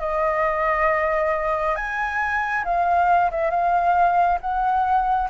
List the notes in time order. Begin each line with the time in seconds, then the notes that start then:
0.00 D#5
1.76 G#5
2.65 F5
3.31 E5
3.51 F5
4.41 F#5